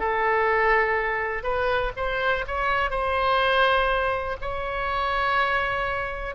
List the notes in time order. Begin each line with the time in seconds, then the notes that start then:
0.00 A4
1.43 B4
1.97 C5
2.47 C#5
2.91 C5
4.41 C#5